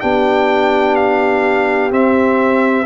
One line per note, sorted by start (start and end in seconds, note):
0.00 1.92 B3
0.00 1.91 D4
0.00 2.86 G4
0.00 0.95 G5
0.95 1.90 F5
1.91 2.86 C4
1.91 2.86 E5